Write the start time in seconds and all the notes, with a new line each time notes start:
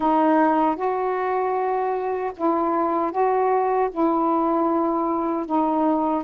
0.00 D#4
0.76 F#4
2.36 E4
3.11 F#4
3.91 E4
5.45 D#4